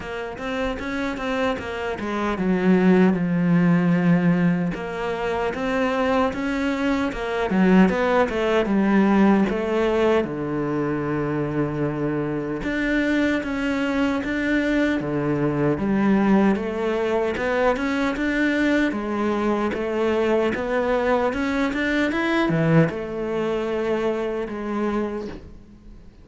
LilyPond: \new Staff \with { instrumentName = "cello" } { \time 4/4 \tempo 4 = 76 ais8 c'8 cis'8 c'8 ais8 gis8 fis4 | f2 ais4 c'4 | cis'4 ais8 fis8 b8 a8 g4 | a4 d2. |
d'4 cis'4 d'4 d4 | g4 a4 b8 cis'8 d'4 | gis4 a4 b4 cis'8 d'8 | e'8 e8 a2 gis4 | }